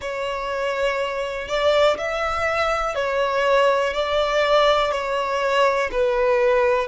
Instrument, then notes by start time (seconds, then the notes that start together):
violin
0.01 C#5
1.48 D5
1.97 E5
2.95 C#5
3.93 D5
4.91 C#5
5.92 B4